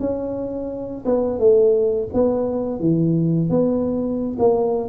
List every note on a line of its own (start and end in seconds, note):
0.00 1.05 C#4
1.06 1.39 B3
1.39 2.09 A3
2.14 2.80 B3
2.80 3.50 E3
3.50 4.37 B3
4.39 4.89 A#3